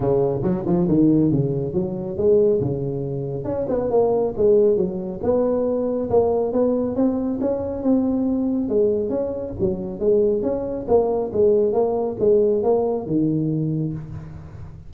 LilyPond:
\new Staff \with { instrumentName = "tuba" } { \time 4/4 \tempo 4 = 138 cis4 fis8 f8 dis4 cis4 | fis4 gis4 cis2 | cis'8 b8 ais4 gis4 fis4 | b2 ais4 b4 |
c'4 cis'4 c'2 | gis4 cis'4 fis4 gis4 | cis'4 ais4 gis4 ais4 | gis4 ais4 dis2 | }